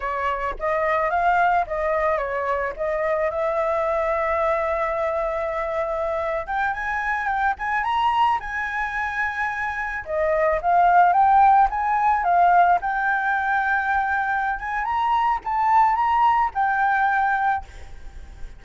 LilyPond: \new Staff \with { instrumentName = "flute" } { \time 4/4 \tempo 4 = 109 cis''4 dis''4 f''4 dis''4 | cis''4 dis''4 e''2~ | e''2.~ e''8. g''16~ | g''16 gis''4 g''8 gis''8 ais''4 gis''8.~ |
gis''2~ gis''16 dis''4 f''8.~ | f''16 g''4 gis''4 f''4 g''8.~ | g''2~ g''8 gis''8 ais''4 | a''4 ais''4 g''2 | }